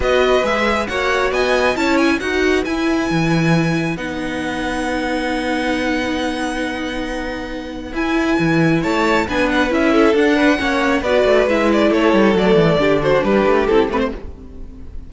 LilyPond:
<<
  \new Staff \with { instrumentName = "violin" } { \time 4/4 \tempo 4 = 136 dis''4 e''4 fis''4 gis''4 | a''8 gis''8 fis''4 gis''2~ | gis''4 fis''2.~ | fis''1~ |
fis''2 gis''2 | a''4 gis''8 fis''8 e''4 fis''4~ | fis''4 d''4 e''8 d''8 cis''4 | d''4. c''8 b'4 a'8 b'16 c''16 | }
  \new Staff \with { instrumentName = "violin" } { \time 4/4 b'2 cis''4 dis''4 | cis''4 b'2.~ | b'1~ | b'1~ |
b'1 | cis''4 b'4. a'4 b'8 | cis''4 b'2 a'4~ | a'4 g'8 fis'8 g'2 | }
  \new Staff \with { instrumentName = "viola" } { \time 4/4 fis'4 gis'4 fis'2 | e'4 fis'4 e'2~ | e'4 dis'2.~ | dis'1~ |
dis'2 e'2~ | e'4 d'4 e'4 d'4 | cis'4 fis'4 e'2 | a4 d'2 e'8 c'8 | }
  \new Staff \with { instrumentName = "cello" } { \time 4/4 b4 gis4 ais4 b4 | cis'4 dis'4 e'4 e4~ | e4 b2.~ | b1~ |
b2 e'4 e4 | a4 b4 cis'4 d'4 | ais4 b8 a8 gis4 a8 g8 | fis8 e8 d4 g8 a8 c'8 a8 | }
>>